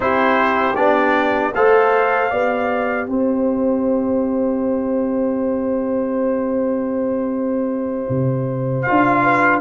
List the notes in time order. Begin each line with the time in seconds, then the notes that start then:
0.00 C4 E4 G4 C5
0.75 B3 D4 D5
1.54 A3 A4 C5 F5
2.30 B3 G4 D5
3.07 C4 C5 E5
8.09 C3
8.82 F4 F5
8.89 D4
9.22 B4